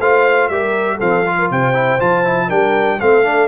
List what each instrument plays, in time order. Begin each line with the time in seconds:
0.00 tuba A3, trombone F4, horn C5, trumpet F5
0.48 tuba G3, trombone G4, horn A#4, trumpet E5
0.95 tuba F3, trombone C4, horn A4, trumpet F5
1.26 trombone F4
1.38 horn A#4
1.50 tuba C3, horn C5, trumpet G5
1.74 trombone E4
1.99 tuba F3, trombone F4, trumpet A5
2.24 trombone E4
2.48 tuba G3, trombone D4, horn A#4, trumpet G5
3.00 tuba A3, trombone C4, horn A4, trumpet F5
3.23 trombone D4